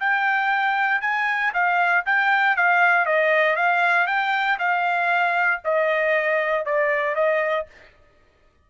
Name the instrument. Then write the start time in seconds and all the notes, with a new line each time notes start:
trumpet
0.00 G5
1.02 G#5
1.54 F5
2.06 G5
2.56 F5
3.06 D#5
3.56 F5
4.07 G5
4.59 F5
5.65 D#5
6.66 D5
7.15 D#5